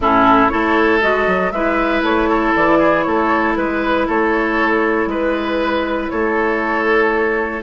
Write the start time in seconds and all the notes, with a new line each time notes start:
0.00 A2 C#4 E4 A4
0.49 A3 E4 A4 C#5
1.01 G#3 F#4 D#5
1.27 F#3
1.51 G#3 E4 B4 E5
2.02 A3 C#5
2.29 A4
2.55 E3 D5
2.78 G#4
3.02 A3 A4 C#5
3.56 G#3 B4
4.07 A3 A4 C#5
5.06 G#3 B4
6.09 A3 A4 C#5